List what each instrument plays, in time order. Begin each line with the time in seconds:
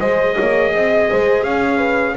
0.00 double bass G#3, viola G#4, horn C5, trumpet D#5
0.37 double bass A#3, horn C#5
0.75 double bass C4, horn D#5
1.11 double bass G#3, horn C5
1.43 double bass C#4, horn C#5, trumpet F5
1.78 horn B4